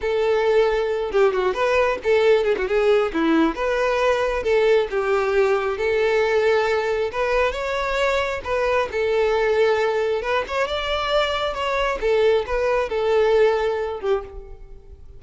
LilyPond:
\new Staff \with { instrumentName = "violin" } { \time 4/4 \tempo 4 = 135 a'2~ a'8 g'8 fis'8 b'8~ | b'8 a'4 gis'16 fis'16 gis'4 e'4 | b'2 a'4 g'4~ | g'4 a'2. |
b'4 cis''2 b'4 | a'2. b'8 cis''8 | d''2 cis''4 a'4 | b'4 a'2~ a'8 g'8 | }